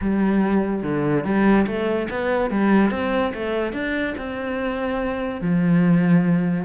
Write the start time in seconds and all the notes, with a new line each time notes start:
0.01 G3
0.82 D3
1.24 G3
1.66 A3
2.09 B3
2.50 G3
2.91 C4
3.33 A3
3.72 D4
4.17 C4
5.41 F3